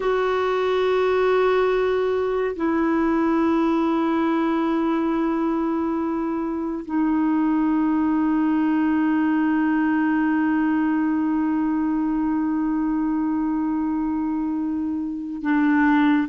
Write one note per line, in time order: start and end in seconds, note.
0.00 2.55 F#4
2.56 6.84 E4
6.85 15.42 D#4
15.42 16.27 D4